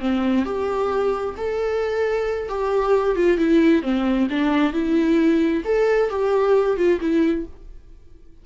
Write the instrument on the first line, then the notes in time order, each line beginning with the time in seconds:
viola
0.00 C4
0.45 G4
1.37 A4
2.49 G4
3.16 F4
3.38 E4
3.82 C4
4.30 D4
4.73 E4
5.65 A4
6.10 G4
6.77 F4
7.01 E4